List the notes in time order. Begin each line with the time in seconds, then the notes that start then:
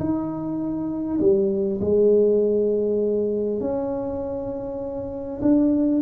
0.00 D#4
1.21 G3
1.81 G#3
3.61 C#4
5.42 D4